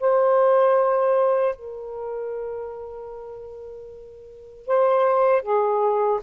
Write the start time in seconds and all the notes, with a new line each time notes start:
0.00 C5
1.55 A#4
4.66 C5
5.42 G#4